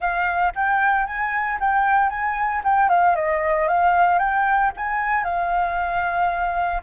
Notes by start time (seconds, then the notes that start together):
0.00 F5
0.55 G5
1.06 G#5
1.60 G5
2.09 G#5
2.64 G5
2.89 F5
3.15 D#5
3.68 F5
4.18 G5
4.76 G#5
5.24 F5